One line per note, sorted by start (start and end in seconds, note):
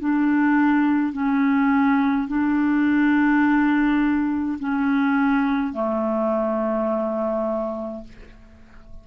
0.00 1.13 D4
1.13 2.28 C#4
2.28 4.58 D4
4.59 5.73 C#4
5.73 8.03 A3